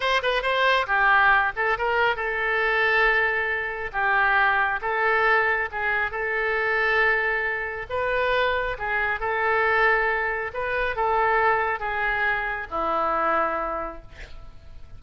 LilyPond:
\new Staff \with { instrumentName = "oboe" } { \time 4/4 \tempo 4 = 137 c''8 b'8 c''4 g'4. a'8 | ais'4 a'2.~ | a'4 g'2 a'4~ | a'4 gis'4 a'2~ |
a'2 b'2 | gis'4 a'2. | b'4 a'2 gis'4~ | gis'4 e'2. | }